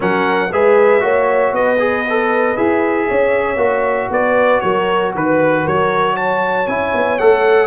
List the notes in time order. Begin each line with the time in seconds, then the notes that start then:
0.00 F#3 C#4 A#4 F#5
0.52 G#3 G#4 B4 E5
1.00 A#3 F#4 C#5
1.52 B3 B4 D#5
1.79 G#4
2.09 A4
2.56 E4 G#4 E5
3.07 C#4 C#5
3.56 A#3 F#4
4.10 B3 B4 D5
4.60 F#3 A#4 C#5
5.14 D#3 B4
5.63 F#3 A#4 C#5
6.14 C#5 A5
6.67 C#4 E4 G#5
6.94 B3
7.18 A3 A4 F#5